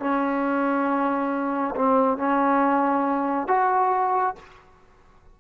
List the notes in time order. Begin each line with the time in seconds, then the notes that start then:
0.00 C#4
1.76 C4
2.18 C#4
3.48 F#4